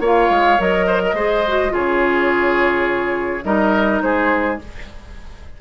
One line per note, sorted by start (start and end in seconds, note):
0.00 0.29 A#3
0.00 0.59 F4
0.00 0.86 C#5
0.07 0.61 F5
0.30 0.59 G#3
0.59 1.13 F#3
0.59 1.16 A#4
0.59 1.75 D#5
0.87 1.01 C5
1.06 1.15 A#4
1.13 1.70 G#3
1.13 1.45 G#4
1.13 1.72 C5
1.48 1.70 F#4
1.70 3.45 C#3
1.70 3.41 F4
1.70 3.45 G#4
1.70 3.45 C#5
3.45 4.02 G3
3.45 4.59 D#4
3.45 4.02 A#4
3.45 4.02 D#5
4.02 4.60 G#3
4.02 4.61 G#4
4.02 4.59 C5